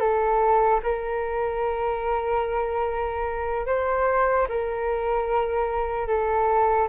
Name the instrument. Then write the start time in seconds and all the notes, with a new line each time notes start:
flute
0.00 A4
0.83 A#4
3.67 C5
4.49 A#4
6.08 A4